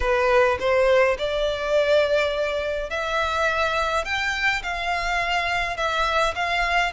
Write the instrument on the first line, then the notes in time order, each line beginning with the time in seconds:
violin
0.00 B4
0.59 C5
1.18 D5
2.90 E5
4.04 G5
4.63 F5
5.76 E5
6.35 F5